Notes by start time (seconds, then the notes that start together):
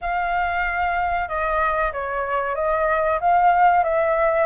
0.01 F5
1.28 D#5
1.92 C#5
2.55 D#5
3.20 F5
3.83 E5